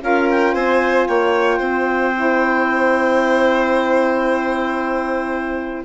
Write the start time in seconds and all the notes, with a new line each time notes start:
0.00 C#4 F4 A#4 F5
0.30 G5
0.54 C4 C5 G#5
1.07 A#3 C#5 G5
1.58 C4 C5
2.13 E4